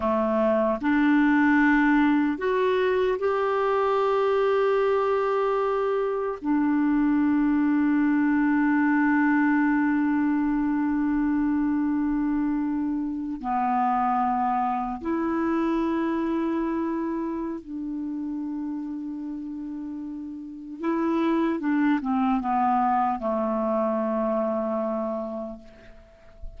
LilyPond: \new Staff \with { instrumentName = "clarinet" } { \time 4/4 \tempo 4 = 75 a4 d'2 fis'4 | g'1 | d'1~ | d'1~ |
d'8. b2 e'4~ e'16~ | e'2 d'2~ | d'2 e'4 d'8 c'8 | b4 a2. | }